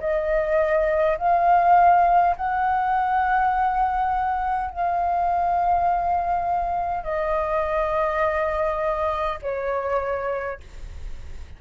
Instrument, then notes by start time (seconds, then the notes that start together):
flute
0.00 D#5
1.18 F5
2.36 F#5
4.71 F5
7.04 D#5
9.42 C#5